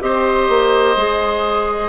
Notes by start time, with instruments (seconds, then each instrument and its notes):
0.00 bassoon C4, clarinet G4, oboe C5, flute D#5
0.48 bassoon A#3
0.96 bassoon G#3, clarinet G#4